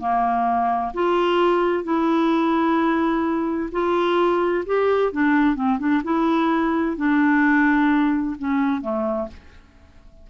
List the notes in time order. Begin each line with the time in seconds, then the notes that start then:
0.00 A#3
0.94 F4
1.84 E4
3.72 F4
4.66 G4
5.13 D4
5.56 C4
5.79 D4
6.04 E4
6.97 D4
8.39 C#4
8.82 A3